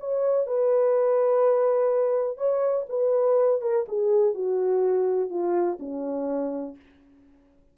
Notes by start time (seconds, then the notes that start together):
0.00 C#5
0.47 B4
2.38 C#5
2.89 B4
3.62 A#4
3.88 G#4
4.34 F#4
5.30 F4
5.79 C#4